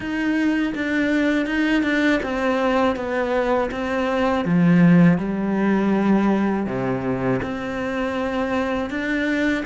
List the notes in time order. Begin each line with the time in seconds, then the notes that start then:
0.00 D#4
0.74 D4
1.45 D#4
1.82 D4
2.22 C4
2.96 B3
3.71 C4
4.44 F3
5.18 G3
6.66 C3
7.42 C4
8.90 D4